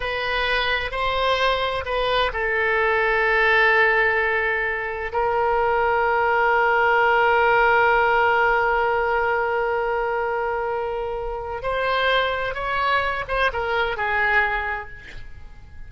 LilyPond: \new Staff \with { instrumentName = "oboe" } { \time 4/4 \tempo 4 = 129 b'2 c''2 | b'4 a'2.~ | a'2. ais'4~ | ais'1~ |
ais'1~ | ais'1~ | ais'4 c''2 cis''4~ | cis''8 c''8 ais'4 gis'2 | }